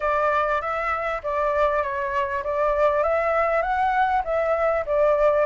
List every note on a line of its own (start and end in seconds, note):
0.00 0.61 D5
0.61 1.21 E5
1.23 1.82 D5
1.82 2.43 C#5
2.43 3.03 D5
3.03 3.61 E5
3.61 4.22 F#5
4.24 4.85 E5
4.85 5.45 D5